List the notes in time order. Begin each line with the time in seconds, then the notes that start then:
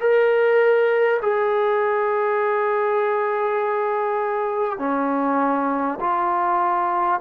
0.00 A#4
1.22 G#4
4.79 C#4
6.00 F4